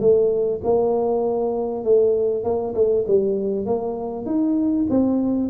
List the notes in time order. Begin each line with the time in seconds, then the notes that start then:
0.00 A3
0.64 A#3
1.84 A3
2.44 A#3
2.74 A3
3.07 G3
3.66 A#3
4.26 D#4
4.90 C4